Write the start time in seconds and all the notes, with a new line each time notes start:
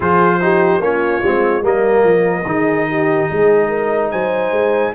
0.00 F3 F4 G#4 C5
0.40 D#4 G4
0.79 A#3 C#4 F4 C#5
1.22 G#3 C4
1.62 G3 A#3 A#4 D#5
2.03 F3
2.45 D#3 D#4 G#4
2.89 G4
3.30 G#3 G#4
3.68 A#4
4.11 F#3 C5 G#5
4.51 G#3